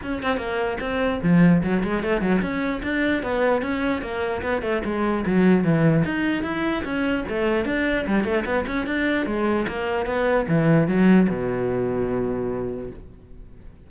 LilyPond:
\new Staff \with { instrumentName = "cello" } { \time 4/4 \tempo 4 = 149 cis'8 c'8 ais4 c'4 f4 | fis8 gis8 a8 fis8 cis'4 d'4 | b4 cis'4 ais4 b8 a8 | gis4 fis4 e4 dis'4 |
e'4 cis'4 a4 d'4 | g8 a8 b8 cis'8 d'4 gis4 | ais4 b4 e4 fis4 | b,1 | }